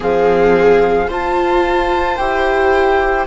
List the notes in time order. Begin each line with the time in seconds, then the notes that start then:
0.00 F3 C4 G#4 F5
1.08 F4 C5 A5
2.16 E4 G4 G5